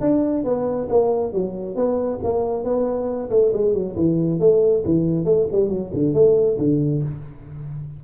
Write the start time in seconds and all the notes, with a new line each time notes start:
0.00 D4
0.44 B3
0.89 A#3
1.32 F#3
1.75 B3
2.23 A#3
2.64 B3
3.30 A3
3.53 G#3
3.73 F#3
3.96 E3
4.40 A3
4.85 E3
5.25 A3
5.51 G3
5.69 F#3
5.93 D3
6.14 A3
6.58 D3